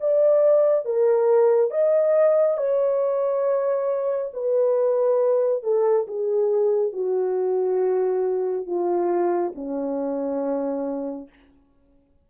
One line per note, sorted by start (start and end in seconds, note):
0.00 0.85 D5
0.85 1.71 A#4
1.71 2.57 D#5
2.57 4.31 C#5
4.33 5.63 B4
5.63 6.07 A4
6.08 6.92 G#4
6.92 8.66 F#4
8.66 9.53 F4
9.55 11.29 C#4